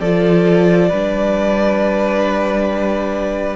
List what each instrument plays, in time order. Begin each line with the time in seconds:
0.00 cello F3, viola F4, violin A4 D5
0.88 cello G3, viola D4, violin B4